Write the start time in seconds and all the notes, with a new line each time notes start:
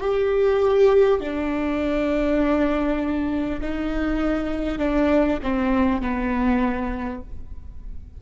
0.00 G4
1.20 D4
3.61 D#4
4.78 D4
5.43 C4
6.01 B3